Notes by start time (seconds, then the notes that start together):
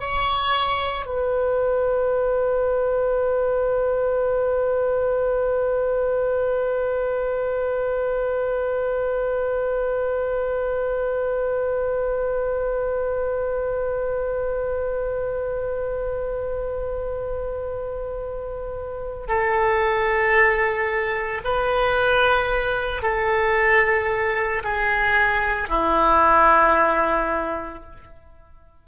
0.00 C#5
1.06 B4
19.28 A4
21.44 B4
23.03 A4
24.64 G#4
25.69 E4